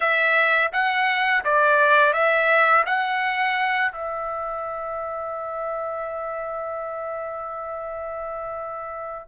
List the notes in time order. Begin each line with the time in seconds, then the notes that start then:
0.00 E5
0.72 F#5
1.44 D5
2.13 E5
2.86 F#5
3.92 E5